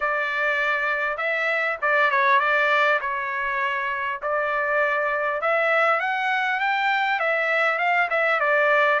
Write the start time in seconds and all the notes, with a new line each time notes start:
0.00 D5
1.17 E5
1.81 D5
2.10 C#5
2.39 D5
3.01 C#5
4.22 D5
5.41 E5
6.00 F#5
6.60 G5
7.19 E5
7.78 F5
8.09 E5
8.40 D5